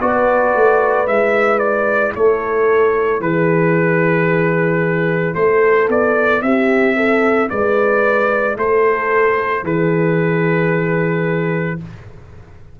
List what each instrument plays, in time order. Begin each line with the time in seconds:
0.00 tuba B3, trombone F#4, horn B4, trumpet D5
0.54 tuba A3
1.06 tuba G#3, trombone E4, trumpet E5
1.58 trumpet D5
2.15 tuba A3, horn A4, trumpet C#5
3.20 tuba E3, horn G#4, trumpet B4
5.35 tuba A3, horn A4, trumpet C5
5.88 tuba B3, trumpet D5
6.42 tuba C4, horn G4, trumpet E5
6.96 horn A4
7.49 tuba G#3, horn B4, trumpet D5
8.56 tuba A3, horn A4, trumpet C5
9.63 tuba E3, horn G#4, trumpet B4